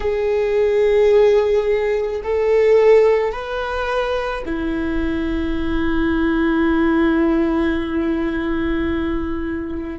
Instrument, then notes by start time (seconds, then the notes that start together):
viola
0.00 G#4
2.23 A4
3.32 B4
4.45 E4